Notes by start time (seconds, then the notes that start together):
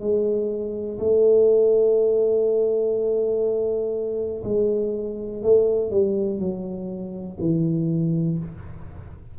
0.00 G#3
0.98 A3
4.44 G#3
5.42 A3
5.90 G3
6.39 F#3
7.40 E3